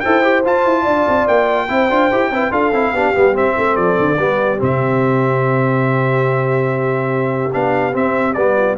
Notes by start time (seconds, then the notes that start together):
0.00 E4 A4 C5 G5
0.23 G4
0.45 F4 A5
0.65 E4
0.82 D4 D5
1.08 C4
1.28 A#3 G5
1.68 C4 E4 C5
1.90 D4 F4
2.11 E4 G4
2.30 C4 E4 B4
2.51 D4 F4 A4 F5
2.72 C4 E4
2.93 B3 D4 G4
3.15 G3 B3
3.34 C4 E5
3.57 A3 A4
3.76 F3 D5
3.99 D3
4.18 G3 B3 G4
4.58 C3 C4 E5
7.53 B3 D4 F5
7.93 C4 E5
8.34 G3 B3 D5
8.56 F4